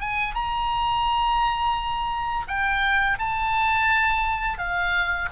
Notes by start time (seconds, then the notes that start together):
0.00 G#5
0.34 A#5
2.48 G5
3.19 A5
4.58 F5